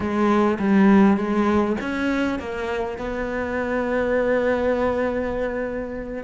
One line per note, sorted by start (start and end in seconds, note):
0.00 0.58 G#3
0.59 1.17 G3
1.17 1.76 G#3
1.81 2.39 C#4
2.39 2.97 A#3
2.97 6.23 B3